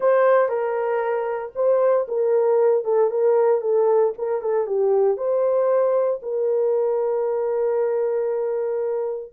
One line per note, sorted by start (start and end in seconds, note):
0.00 0.49 C5
0.49 1.52 A#4
1.55 2.06 C5
2.08 2.84 A#4
2.84 3.10 A4
3.10 3.61 A#4
3.61 4.13 A4
4.18 4.41 A#4
4.41 4.67 A4
4.67 5.17 G4
5.17 6.20 C5
6.22 9.32 A#4